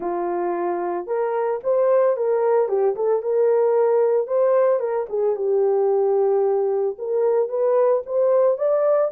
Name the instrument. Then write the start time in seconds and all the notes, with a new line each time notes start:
horn
0.00 F4
1.07 A#4
1.63 C5
2.16 A#4
2.68 G4
2.95 A4
3.22 A#4
4.27 C5
4.79 A#4
5.09 G#4
5.35 G4
6.98 A#4
7.48 B4
8.06 C5
8.57 D5